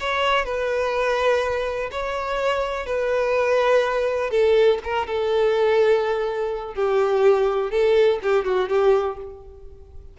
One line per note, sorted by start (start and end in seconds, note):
0.00 0.45 C#5
0.45 1.90 B4
1.92 2.86 C#5
2.86 4.31 B4
4.31 4.79 A4
4.84 5.07 A#4
5.07 6.75 A4
6.75 7.71 G4
7.71 8.19 A4
8.23 8.45 G4
8.45 8.69 F#4
8.69 9.17 G4